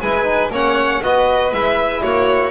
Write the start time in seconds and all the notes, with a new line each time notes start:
0.00 G#3 E4 B4 G#5
0.24 D#4
0.49 A#3 C#4 C#5 F#5
1.02 B3 F#4 B4 D#5
1.52 G#3 E4 E5
2.02 A#3 F#4 C#5